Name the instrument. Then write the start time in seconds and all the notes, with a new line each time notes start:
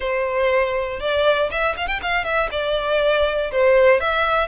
violin
0.00 C5
1.00 D5
1.50 E5
1.77 F5
1.87 G5
2.02 F5
2.24 E5
2.51 D5
3.51 C5
4.00 E5